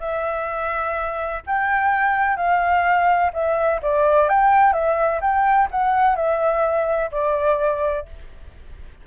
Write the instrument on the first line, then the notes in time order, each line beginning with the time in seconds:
flute
0.00 E5
1.46 G5
2.37 F5
3.33 E5
3.82 D5
4.29 G5
4.73 E5
5.21 G5
5.71 F#5
6.16 E5
7.12 D5